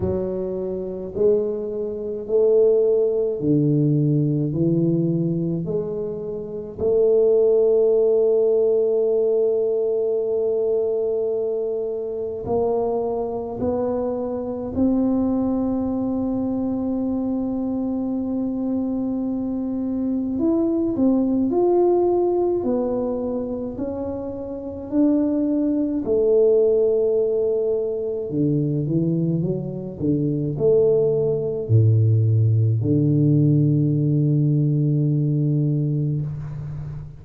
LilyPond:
\new Staff \with { instrumentName = "tuba" } { \time 4/4 \tempo 4 = 53 fis4 gis4 a4 d4 | e4 gis4 a2~ | a2. ais4 | b4 c'2.~ |
c'2 e'8 c'8 f'4 | b4 cis'4 d'4 a4~ | a4 d8 e8 fis8 d8 a4 | a,4 d2. | }